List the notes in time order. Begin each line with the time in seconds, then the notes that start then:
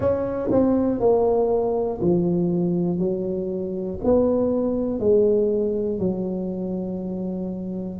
0.00 C#4
0.50 C4
1.00 A#3
2.00 F3
2.99 F#3
4.04 B3
4.99 G#3
5.99 F#3